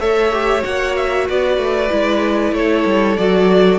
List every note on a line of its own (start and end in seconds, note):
0.00 0.63 A3
0.00 0.32 A4
0.00 1.28 C#5
0.00 0.64 E5
0.32 0.62 G4
0.62 1.29 A#3
0.62 1.88 F#4
0.62 0.96 F#5
0.96 1.28 E5
1.29 1.58 B3
1.29 2.55 B4
1.29 2.54 D5
1.58 1.89 A3
1.91 2.52 G#3
1.91 3.17 E4
2.52 2.84 A3
2.52 3.79 A4
2.52 3.17 C#5
2.86 3.17 G3
3.17 3.79 F#3
3.17 3.79 F#4
3.17 3.79 D5